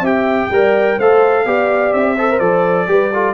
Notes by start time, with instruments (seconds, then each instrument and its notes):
0.00 tuba C4, trombone G4, horn E5, trumpet G5
0.50 tuba G3, trombone A#4, horn D5
0.97 tuba A3, trombone A4, horn C5, trumpet F5
1.45 tuba B3, trombone G4, horn D5
1.93 tuba C4, trumpet E5
2.15 trombone A4, horn C5
2.30 trombone A#4
2.39 tuba F3, trombone A4, trumpet D5
2.87 tuba G3, trombone G4, horn B4
3.13 trombone F4, horn A4